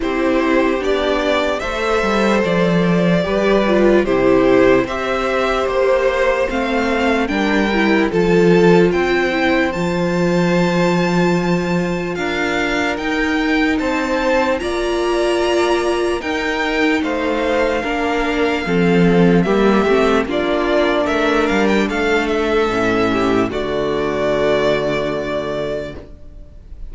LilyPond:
<<
  \new Staff \with { instrumentName = "violin" } { \time 4/4 \tempo 4 = 74 c''4 d''4 e''4 d''4~ | d''4 c''4 e''4 c''4 | f''4 g''4 a''4 g''4 | a''2. f''4 |
g''4 a''4 ais''2 | g''4 f''2. | e''4 d''4 e''8 f''16 g''16 f''8 e''8~ | e''4 d''2. | }
  \new Staff \with { instrumentName = "violin" } { \time 4/4 g'2 c''2 | b'4 g'4 c''2~ | c''4 ais'4 a'4 c''4~ | c''2. ais'4~ |
ais'4 c''4 d''2 | ais'4 c''4 ais'4 a'4 | g'4 f'4 ais'4 a'4~ | a'8 g'8 fis'2. | }
  \new Staff \with { instrumentName = "viola" } { \time 4/4 e'4 d'4 a'2 | g'8 f'8 e'4 g'2 | c'4 d'8 e'8 f'4. e'8 | f'1 |
dis'2 f'2 | dis'2 d'4 c'4 | ais8 c'8 d'2. | cis'4 a2. | }
  \new Staff \with { instrumentName = "cello" } { \time 4/4 c'4 b4 a8 g8 f4 | g4 c4 c'4 ais4 | a4 g4 f4 c'4 | f2. d'4 |
dis'4 c'4 ais2 | dis'4 a4 ais4 f4 | g8 a8 ais4 a8 g8 a4 | a,4 d2. | }
>>